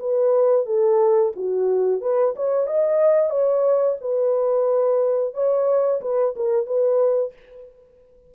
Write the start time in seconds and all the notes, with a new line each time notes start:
0.00 B4
0.66 A4
1.36 F#4
2.01 B4
2.36 C#5
2.67 D#5
3.30 C#5
4.01 B4
5.34 C#5
6.02 B4
6.36 A#4
6.66 B4